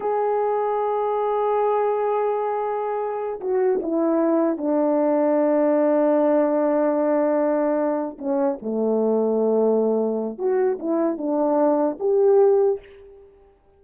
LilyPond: \new Staff \with { instrumentName = "horn" } { \time 4/4 \tempo 4 = 150 gis'1~ | gis'1~ | gis'8 fis'4 e'2 d'8~ | d'1~ |
d'1~ | d'8 cis'4 a2~ a8~ | a2 fis'4 e'4 | d'2 g'2 | }